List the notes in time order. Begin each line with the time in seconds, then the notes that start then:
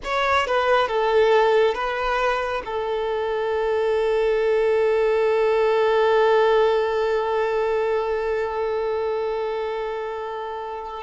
0.04 C#5
0.47 B4
0.88 A4
1.74 B4
2.65 A4